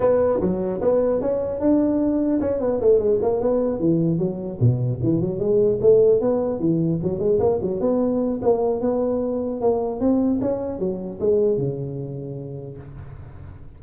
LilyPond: \new Staff \with { instrumentName = "tuba" } { \time 4/4 \tempo 4 = 150 b4 fis4 b4 cis'4 | d'2 cis'8 b8 a8 gis8 | ais8 b4 e4 fis4 b,8~ | b,8 e8 fis8 gis4 a4 b8~ |
b8 e4 fis8 gis8 ais8 fis8 b8~ | b4 ais4 b2 | ais4 c'4 cis'4 fis4 | gis4 cis2. | }